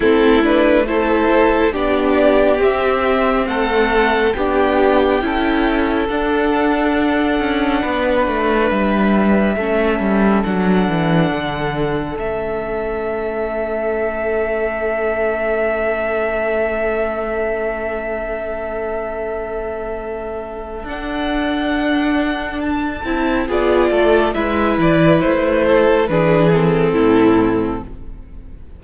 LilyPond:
<<
  \new Staff \with { instrumentName = "violin" } { \time 4/4 \tempo 4 = 69 a'8 b'8 c''4 d''4 e''4 | fis''4 g''2 fis''4~ | fis''2 e''2 | fis''2 e''2~ |
e''1~ | e''1 | fis''2 a''4 d''4 | e''8 d''8 c''4 b'8 a'4. | }
  \new Staff \with { instrumentName = "violin" } { \time 4/4 e'4 a'4 g'2 | a'4 g'4 a'2~ | a'4 b'2 a'4~ | a'1~ |
a'1~ | a'1~ | a'2. gis'8 a'8 | b'4. a'8 gis'4 e'4 | }
  \new Staff \with { instrumentName = "viola" } { \time 4/4 c'8 d'8 e'4 d'4 c'4~ | c'4 d'4 e'4 d'4~ | d'2. cis'4 | d'2 cis'2~ |
cis'1~ | cis'1 | d'2~ d'8 e'8 f'4 | e'2 d'8 c'4. | }
  \new Staff \with { instrumentName = "cello" } { \time 4/4 a2 b4 c'4 | a4 b4 cis'4 d'4~ | d'8 cis'8 b8 a8 g4 a8 g8 | fis8 e8 d4 a2~ |
a1~ | a1 | d'2~ d'8 c'8 b8 a8 | gis8 e8 a4 e4 a,4 | }
>>